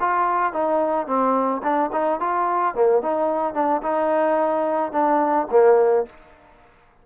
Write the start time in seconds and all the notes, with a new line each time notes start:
0.00 F4
0.53 D#4
1.07 C4
1.63 D4
1.92 D#4
2.20 F4
2.75 A#3
3.02 D#4
3.54 D4
3.82 D#4
4.92 D4
5.51 A#3